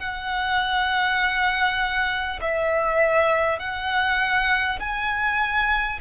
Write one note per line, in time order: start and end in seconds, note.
0.00 2.40 F#5
2.42 3.59 E5
3.59 4.79 F#5
4.79 5.99 G#5